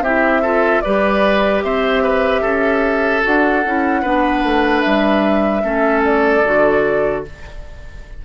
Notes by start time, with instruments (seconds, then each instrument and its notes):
0.00 bassoon C4, clarinet E4, oboe G4, flute E5
0.42 clarinet F4, oboe A4
0.81 bassoon G3, clarinet G4, oboe B4, flute D5
1.63 bassoon C4, oboe C5, flute E5
2.03 oboe B4
2.41 bassoon C#4, oboe A4
3.22 bassoon D4, clarinet F#4, flute F#5
3.65 bassoon C#4, clarinet E4
4.02 bassoon B3, clarinet D4, oboe B4
4.43 bassoon A3
4.81 bassoon G3, flute E5
5.62 bassoon A3, clarinet C#4, oboe A4
6.04 flute D5
6.45 bassoon D3, clarinet F#4